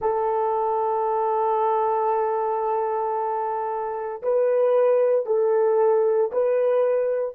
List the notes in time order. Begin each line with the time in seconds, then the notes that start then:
0.00 A4
4.22 B4
5.26 A4
6.32 B4